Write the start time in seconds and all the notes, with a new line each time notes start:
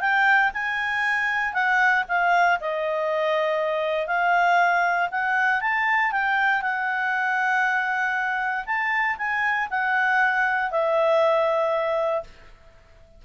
0.00 G5
0.53 G#5
1.53 F#5
2.08 F5
2.60 D#5
4.07 F5
5.11 F#5
5.61 A5
6.11 G5
6.61 F#5
8.66 A5
9.18 G#5
9.70 F#5
10.71 E5